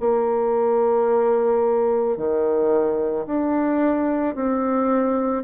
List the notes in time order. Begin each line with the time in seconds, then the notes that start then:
0.00 A#3
2.17 D#3
3.27 D4
4.35 C4